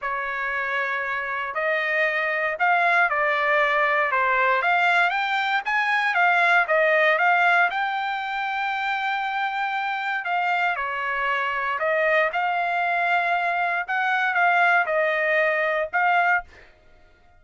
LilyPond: \new Staff \with { instrumentName = "trumpet" } { \time 4/4 \tempo 4 = 117 cis''2. dis''4~ | dis''4 f''4 d''2 | c''4 f''4 g''4 gis''4 | f''4 dis''4 f''4 g''4~ |
g''1 | f''4 cis''2 dis''4 | f''2. fis''4 | f''4 dis''2 f''4 | }